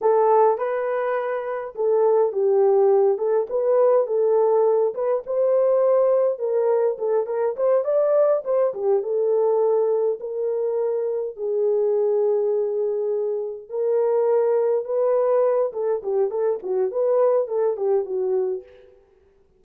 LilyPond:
\new Staff \with { instrumentName = "horn" } { \time 4/4 \tempo 4 = 103 a'4 b'2 a'4 | g'4. a'8 b'4 a'4~ | a'8 b'8 c''2 ais'4 | a'8 ais'8 c''8 d''4 c''8 g'8 a'8~ |
a'4. ais'2 gis'8~ | gis'2.~ gis'8 ais'8~ | ais'4. b'4. a'8 g'8 | a'8 fis'8 b'4 a'8 g'8 fis'4 | }